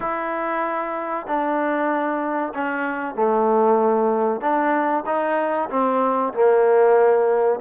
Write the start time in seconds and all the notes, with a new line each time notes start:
0.00 E4
1.26 D4
2.54 C#4
3.15 A3
4.40 D4
5.06 D#4
5.70 C4
6.33 A#3